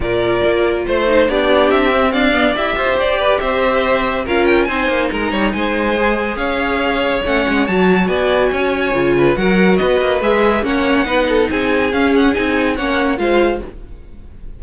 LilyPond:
<<
  \new Staff \with { instrumentName = "violin" } { \time 4/4 \tempo 4 = 141 d''2 c''4 d''4 | e''4 f''4 e''4 d''4 | e''2 f''8 g''8 gis''4 | ais''4 gis''2 f''4~ |
f''4 fis''4 a''4 gis''4~ | gis''2 fis''4 dis''4 | e''4 fis''2 gis''4 | f''8 fis''8 gis''4 fis''4 f''4 | }
  \new Staff \with { instrumentName = "violin" } { \time 4/4 ais'2 c''4 g'4~ | g'4 d''4. c''4 b'8 | c''2 ais'4 c''4 | ais'8 cis''8 c''2 cis''4~ |
cis''2. d''4 | cis''4. b'8 ais'4 b'4~ | b'4 cis''4 b'8 a'8 gis'4~ | gis'2 cis''4 c''4 | }
  \new Staff \with { instrumentName = "viola" } { \time 4/4 f'2~ f'8 dis'8 d'4~ | d'8 c'4 b8 g'2~ | g'2 f'4 dis'4~ | dis'2 gis'2~ |
gis'4 cis'4 fis'2~ | fis'4 f'4 fis'2 | gis'4 cis'4 dis'2 | cis'4 dis'4 cis'4 f'4 | }
  \new Staff \with { instrumentName = "cello" } { \time 4/4 ais,4 ais4 a4 b4 | c'4 d'4 e'8 f'8 g'4 | c'2 cis'4 c'8 ais8 | gis8 g8 gis2 cis'4~ |
cis'4 a8 gis8 fis4 b4 | cis'4 cis4 fis4 b8 ais8 | gis4 ais4 b4 c'4 | cis'4 c'4 ais4 gis4 | }
>>